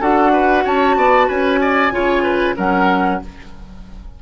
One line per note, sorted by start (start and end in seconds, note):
0.00 0.64 D4
0.00 1.92 F#4
0.00 0.32 A4
0.00 0.66 F#5
0.33 0.64 B4
0.64 0.96 C#4
0.64 0.96 C#5
0.64 1.28 A5
0.96 1.28 B3
0.96 1.27 D5
1.27 1.91 C#4
1.27 1.59 B4
1.27 2.56 G#5
1.61 1.93 D5
1.91 2.55 C#3
1.91 2.56 F4
1.91 2.23 C#5
2.23 2.55 B4
2.57 3.21 F#3
2.57 3.21 C#4
2.57 3.20 A#4
2.57 3.22 F#5